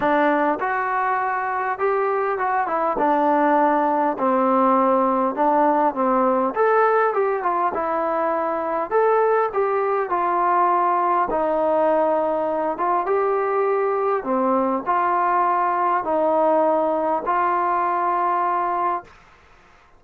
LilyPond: \new Staff \with { instrumentName = "trombone" } { \time 4/4 \tempo 4 = 101 d'4 fis'2 g'4 | fis'8 e'8 d'2 c'4~ | c'4 d'4 c'4 a'4 | g'8 f'8 e'2 a'4 |
g'4 f'2 dis'4~ | dis'4. f'8 g'2 | c'4 f'2 dis'4~ | dis'4 f'2. | }